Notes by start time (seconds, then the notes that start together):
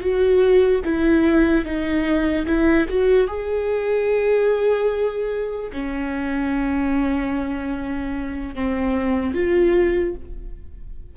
0.00 F#4
0.84 E4
1.64 D#4
2.46 E4
2.88 F#4
3.27 G#4
5.72 C#4
8.55 C4
9.34 F4